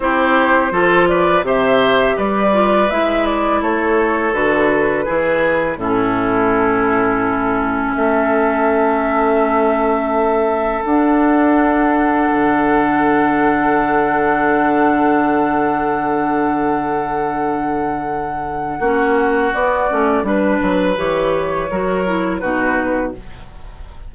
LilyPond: <<
  \new Staff \with { instrumentName = "flute" } { \time 4/4 \tempo 4 = 83 c''4. d''8 e''4 d''4 | e''8 d''8 cis''4 b'2 | a'2. e''4~ | e''2. fis''4~ |
fis''1~ | fis''1~ | fis''2. d''4 | b'4 cis''2 b'4 | }
  \new Staff \with { instrumentName = "oboe" } { \time 4/4 g'4 a'8 b'8 c''4 b'4~ | b'4 a'2 gis'4 | e'2. a'4~ | a'1~ |
a'1~ | a'1~ | a'2 fis'2 | b'2 ais'4 fis'4 | }
  \new Staff \with { instrumentName = "clarinet" } { \time 4/4 e'4 f'4 g'4. f'8 | e'2 fis'4 e'4 | cis'1~ | cis'2. d'4~ |
d'1~ | d'1~ | d'2 cis'4 b8 cis'8 | d'4 g'4 fis'8 e'8 dis'4 | }
  \new Staff \with { instrumentName = "bassoon" } { \time 4/4 c'4 f4 c4 g4 | gis4 a4 d4 e4 | a,2. a4~ | a2. d'4~ |
d'4 d2.~ | d1~ | d2 ais4 b8 a8 | g8 fis8 e4 fis4 b,4 | }
>>